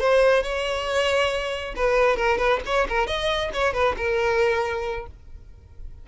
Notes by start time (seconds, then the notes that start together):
0.00 C5
0.43 C#5
1.76 B4
2.17 A#4
2.38 B4
2.66 C#5
2.89 A#4
3.07 D#5
3.54 C#5
3.74 B4
3.97 A#4